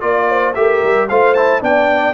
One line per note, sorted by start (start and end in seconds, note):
0.00 0.55 A#3
0.00 0.53 F4
0.00 0.53 D5
0.00 0.29 D5
0.29 0.55 C5
0.54 0.82 A3
0.54 1.09 G4
0.54 1.08 A#4
0.54 1.07 E5
0.83 1.09 G3
1.08 1.61 A3
1.08 1.36 F4
1.08 1.62 C5
1.08 1.34 F5
1.34 1.60 E4
1.34 1.61 A5
1.60 2.13 B3
1.60 2.13 D4
1.60 2.13 D5
1.60 2.13 G5